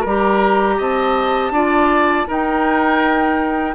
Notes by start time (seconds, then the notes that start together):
0.00 G3 A#4 A#5
0.07 G4
0.78 C4 D#5 A5
1.51 D4 F4 D5
2.27 D#4 A#4 G5